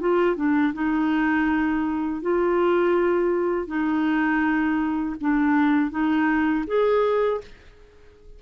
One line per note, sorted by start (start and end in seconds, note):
0.00 0.36 F4
0.36 0.73 D4
0.74 2.22 D#4
2.22 3.67 F4
3.67 5.15 D#4
5.21 5.91 D4
5.91 6.65 D#4
6.67 7.41 G#4